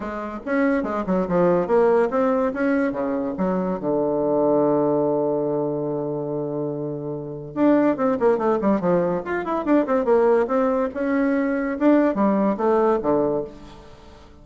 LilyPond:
\new Staff \with { instrumentName = "bassoon" } { \time 4/4 \tempo 4 = 143 gis4 cis'4 gis8 fis8 f4 | ais4 c'4 cis'4 cis4 | fis4 d2.~ | d1~ |
d2 d'4 c'8 ais8 | a8 g8 f4 f'8 e'8 d'8 c'8 | ais4 c'4 cis'2 | d'4 g4 a4 d4 | }